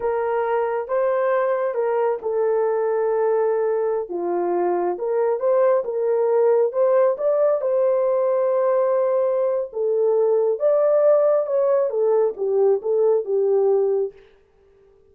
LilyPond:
\new Staff \with { instrumentName = "horn" } { \time 4/4 \tempo 4 = 136 ais'2 c''2 | ais'4 a'2.~ | a'4~ a'16 f'2 ais'8.~ | ais'16 c''4 ais'2 c''8.~ |
c''16 d''4 c''2~ c''8.~ | c''2 a'2 | d''2 cis''4 a'4 | g'4 a'4 g'2 | }